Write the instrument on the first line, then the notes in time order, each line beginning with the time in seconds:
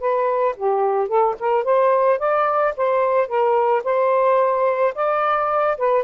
saxophone
0.00 B4
0.56 G4
1.08 A4
1.40 A#4
1.64 C5
2.19 D5
2.76 C5
3.27 A#4
3.84 C5
4.95 D5
5.77 B4